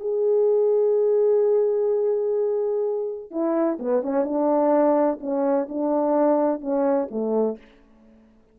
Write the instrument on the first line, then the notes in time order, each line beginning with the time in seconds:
horn
0.00 G#4
3.31 E4
3.79 B3
4.02 C#4
4.24 D4
5.20 C#4
5.69 D4
6.61 C#4
7.11 A3